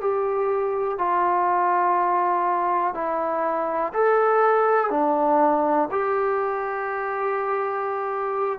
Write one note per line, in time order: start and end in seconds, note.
0.00 0.98 G4
0.98 2.94 F4
2.94 3.92 E4
3.93 4.90 A4
4.90 5.88 D4
5.91 8.59 G4